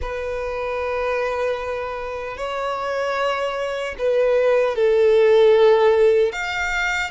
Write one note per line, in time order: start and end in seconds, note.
0.01 2.37 B4
2.37 3.95 C#5
3.98 4.75 B4
4.75 6.32 A4
6.32 7.10 F5